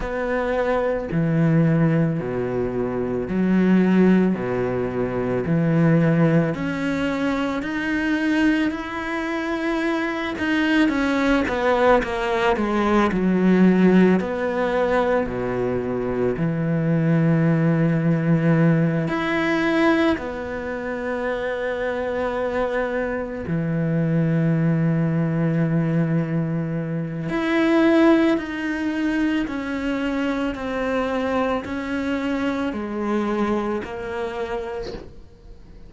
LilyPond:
\new Staff \with { instrumentName = "cello" } { \time 4/4 \tempo 4 = 55 b4 e4 b,4 fis4 | b,4 e4 cis'4 dis'4 | e'4. dis'8 cis'8 b8 ais8 gis8 | fis4 b4 b,4 e4~ |
e4. e'4 b4.~ | b4. e2~ e8~ | e4 e'4 dis'4 cis'4 | c'4 cis'4 gis4 ais4 | }